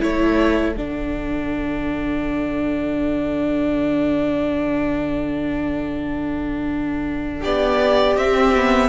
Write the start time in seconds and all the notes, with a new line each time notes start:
0.00 A3 E4 A4 C#5
0.76 D3 D4 F#5
7.41 B3 G4 D5
8.16 C4 E5
8.55 B3